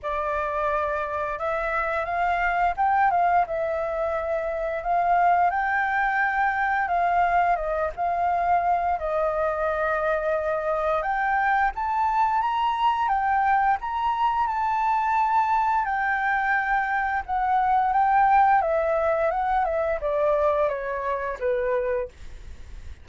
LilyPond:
\new Staff \with { instrumentName = "flute" } { \time 4/4 \tempo 4 = 87 d''2 e''4 f''4 | g''8 f''8 e''2 f''4 | g''2 f''4 dis''8 f''8~ | f''4 dis''2. |
g''4 a''4 ais''4 g''4 | ais''4 a''2 g''4~ | g''4 fis''4 g''4 e''4 | fis''8 e''8 d''4 cis''4 b'4 | }